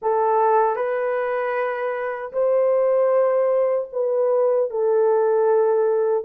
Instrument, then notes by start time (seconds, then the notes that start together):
horn
0.01 A4
0.76 B4
2.32 C5
3.92 B4
4.70 A4